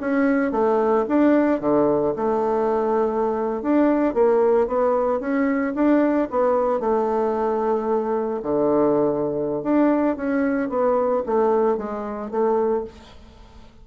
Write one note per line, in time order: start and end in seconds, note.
0.00 0.51 C#4
0.51 1.05 A3
1.08 1.60 D4
1.60 2.14 D3
2.16 3.62 A3
3.62 4.14 D4
4.14 4.67 A#3
4.67 5.19 B3
5.19 5.73 C#4
5.74 6.28 D4
6.30 6.79 B3
6.79 8.40 A3
8.42 9.63 D3
9.63 10.16 D4
10.16 10.69 C#4
10.69 11.22 B3
11.25 11.77 A3
11.77 12.30 G#3
12.30 12.84 A3